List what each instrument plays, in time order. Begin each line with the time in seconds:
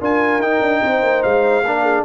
0.00 tuba D4, trombone F4, horn A#4, trumpet G#5
0.39 tuba D#4, trombone D#4, trumpet G5
0.61 tuba D4
0.83 tuba C4, horn C5
1.03 tuba A#3
1.23 tuba G#3, trumpet F5
1.63 tuba A#3, trombone D4, horn A#4
1.83 horn G#4